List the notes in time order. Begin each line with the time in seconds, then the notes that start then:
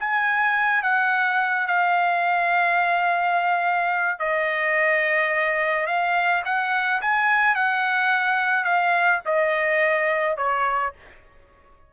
0.00 G#5
0.83 F#5
1.67 F5
4.19 D#5
5.87 F5
6.45 F#5
7.02 G#5
7.55 F#5
8.65 F5
9.26 D#5
10.37 C#5